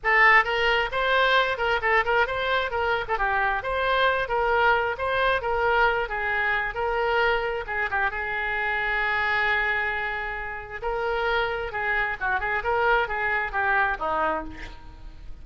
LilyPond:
\new Staff \with { instrumentName = "oboe" } { \time 4/4 \tempo 4 = 133 a'4 ais'4 c''4. ais'8 | a'8 ais'8 c''4 ais'8. a'16 g'4 | c''4. ais'4. c''4 | ais'4. gis'4. ais'4~ |
ais'4 gis'8 g'8 gis'2~ | gis'1 | ais'2 gis'4 fis'8 gis'8 | ais'4 gis'4 g'4 dis'4 | }